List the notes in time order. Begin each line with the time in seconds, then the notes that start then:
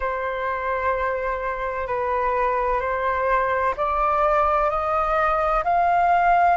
0.00 C5
1.87 B4
2.80 C5
3.76 D5
4.70 D#5
5.64 F5